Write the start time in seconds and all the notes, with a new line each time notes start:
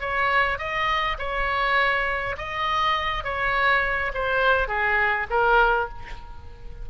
0.00 C#5
0.58 D#5
1.18 C#5
2.37 D#5
3.24 C#5
4.14 C5
4.68 G#4
5.30 A#4